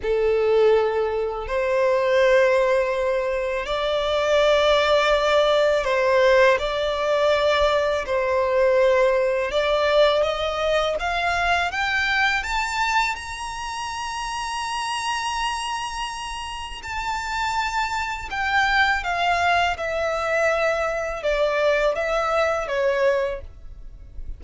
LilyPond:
\new Staff \with { instrumentName = "violin" } { \time 4/4 \tempo 4 = 82 a'2 c''2~ | c''4 d''2. | c''4 d''2 c''4~ | c''4 d''4 dis''4 f''4 |
g''4 a''4 ais''2~ | ais''2. a''4~ | a''4 g''4 f''4 e''4~ | e''4 d''4 e''4 cis''4 | }